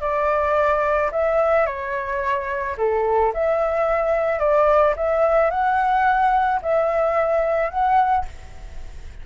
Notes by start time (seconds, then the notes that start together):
0.00 D5
1.12 E5
1.66 C#5
2.77 A4
3.33 E5
4.39 D5
4.96 E5
5.50 F#5
6.62 E5
7.70 F#5